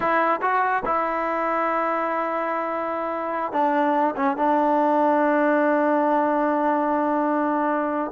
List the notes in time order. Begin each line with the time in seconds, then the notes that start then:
0.00 E4
0.41 F#4
0.85 E4
3.52 D4
4.16 C#4
4.36 D4